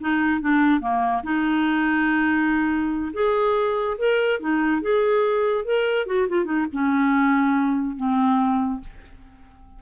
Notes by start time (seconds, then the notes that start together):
0.00 D#4
0.40 D4
0.80 A#3
1.23 D#4
3.13 G#4
3.98 A#4
4.40 D#4
4.81 G#4
5.65 A#4
6.06 F#4
6.28 F4
6.45 D#4
6.72 C#4
7.96 C4